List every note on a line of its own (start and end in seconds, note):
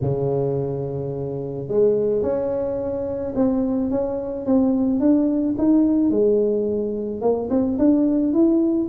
0.01 1.68 C#3
1.68 2.22 G#3
2.22 3.33 C#4
3.35 3.90 C4
3.90 4.45 C#4
4.45 5.00 C4
5.00 5.55 D4
5.58 6.10 D#4
6.10 7.21 G#3
7.21 7.48 A#3
7.49 7.77 C4
7.78 8.33 D4
8.33 8.88 E4